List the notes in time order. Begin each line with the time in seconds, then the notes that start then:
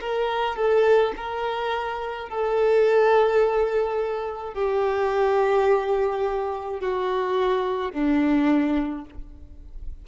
0.00 A#4
0.56 A4
1.16 A#4
2.29 A4
4.53 G4
6.80 F#4
7.91 D4